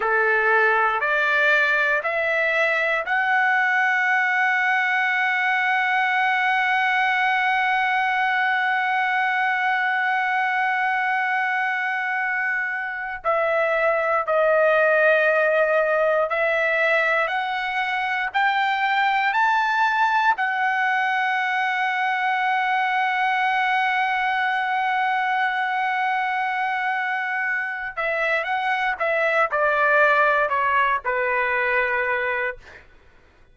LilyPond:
\new Staff \with { instrumentName = "trumpet" } { \time 4/4 \tempo 4 = 59 a'4 d''4 e''4 fis''4~ | fis''1~ | fis''1~ | fis''4 e''4 dis''2 |
e''4 fis''4 g''4 a''4 | fis''1~ | fis''2.~ fis''8 e''8 | fis''8 e''8 d''4 cis''8 b'4. | }